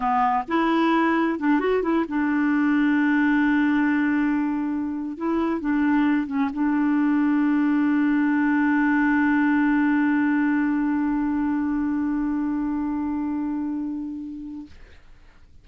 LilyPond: \new Staff \with { instrumentName = "clarinet" } { \time 4/4 \tempo 4 = 131 b4 e'2 d'8 fis'8 | e'8 d'2.~ d'8~ | d'2.~ d'16 e'8.~ | e'16 d'4. cis'8 d'4.~ d'16~ |
d'1~ | d'1~ | d'1~ | d'1 | }